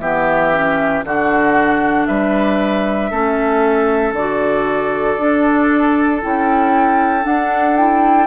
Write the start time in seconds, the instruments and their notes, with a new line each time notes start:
0.00 bassoon E3, clarinet B3, oboe G4, flute E5
0.53 clarinet C#4
1.04 bassoon D3, clarinet D4, oboe F#4, flute F#5
2.07 bassoon G3, oboe B4, flute E5
3.11 bassoon A3, clarinet C#4, oboe A4
4.13 bassoon D3, clarinet F#4, flute D5
5.18 bassoon D4, clarinet D4
6.22 bassoon C#4, clarinet E4, flute G5
7.22 clarinet D4, bassoon D4, flute F#5
7.77 clarinet E4, flute G5